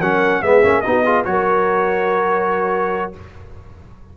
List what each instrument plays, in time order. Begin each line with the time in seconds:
0.00 tuba F#3, trombone C#4, horn A#4, trumpet F#5
0.42 tuba G#3, trombone B3, horn G#4, trumpet E5
0.62 tuba A#3, trombone C#4
0.81 tuba B3, trombone D#4, trumpet D#5
0.87 horn F#4
1.03 trombone F4, horn G#4
1.24 tuba F#3, trombone F#4, horn A#4, trumpet C#5